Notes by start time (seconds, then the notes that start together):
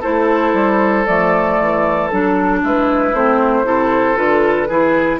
0.00 A3 E4 A4 C5
0.53 G3
1.06 F3 A3 D5
1.60 E3
2.08 F#3 D4 A4
2.63 G#3 E4 B4
3.13 A3 C4 C5
3.64 C3 E4 A4
4.15 D3 F4 B4
4.68 E3 E4 G#4